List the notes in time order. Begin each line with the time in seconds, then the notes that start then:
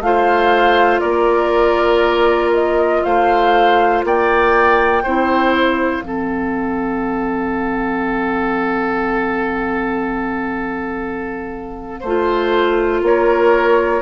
0.00 A3 F4 C5 F5
1.00 A#3 A#4 D5
2.53 D#5
3.03 A3 C5 F5
4.04 A#3 D5 G5
5.03 C4 E4 C5
5.56 F5
6.03 F3 C4 A4
12.00 A3 C5
12.06 F4
13.02 A#3 A#4 C#5